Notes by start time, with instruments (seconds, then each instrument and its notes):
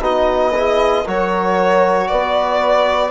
0.00 bassoon B3, trombone D#4, horn F#4, violin D#5
0.55 trombone E4, horn G#4
1.04 bassoon F#3, trombone F#4, horn A#4, violin C#5
2.08 bassoon B3, horn B4, violin D5